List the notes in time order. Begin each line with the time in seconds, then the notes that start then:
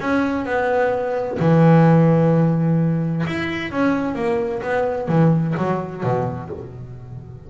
0.00 C#4
0.45 B3
1.39 E3
3.27 E4
3.71 C#4
4.15 A#3
4.62 B3
5.08 E3
5.57 F#3
6.03 B2